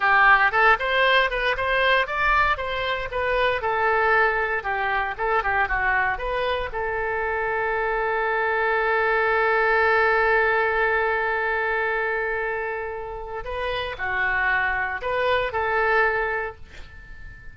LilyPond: \new Staff \with { instrumentName = "oboe" } { \time 4/4 \tempo 4 = 116 g'4 a'8 c''4 b'8 c''4 | d''4 c''4 b'4 a'4~ | a'4 g'4 a'8 g'8 fis'4 | b'4 a'2.~ |
a'1~ | a'1~ | a'2 b'4 fis'4~ | fis'4 b'4 a'2 | }